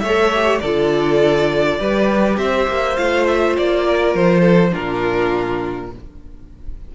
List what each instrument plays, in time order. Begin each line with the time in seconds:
0.00 cello A3, viola A4, violin C#5 E5
0.35 viola G4
0.60 cello D3, viola F4, violin A4 D5
1.79 cello G3, viola G4, violin B4
2.37 cello C4, violin C5 E5
2.68 cello A#3
2.97 cello A3, viola F4, violin F5
3.27 violin E5
3.57 cello A#3, violin D5
3.86 violin A#4
4.15 cello F3, violin C5
4.41 violin A4
4.71 viola D4, violin F4 A#4
4.78 cello A#2